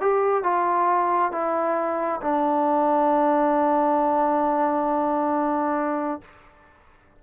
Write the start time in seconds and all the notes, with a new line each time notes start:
0.00 G4
0.43 F4
1.31 E4
2.21 D4